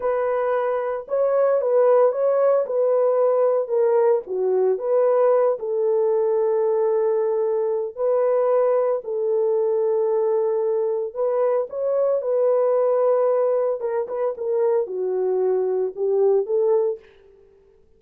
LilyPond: \new Staff \with { instrumentName = "horn" } { \time 4/4 \tempo 4 = 113 b'2 cis''4 b'4 | cis''4 b'2 ais'4 | fis'4 b'4. a'4.~ | a'2. b'4~ |
b'4 a'2.~ | a'4 b'4 cis''4 b'4~ | b'2 ais'8 b'8 ais'4 | fis'2 g'4 a'4 | }